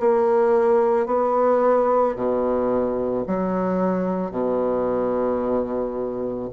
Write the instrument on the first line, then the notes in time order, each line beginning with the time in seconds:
bassoon
0.00 A#3
1.07 B3
2.16 B2
3.27 F#3
4.31 B2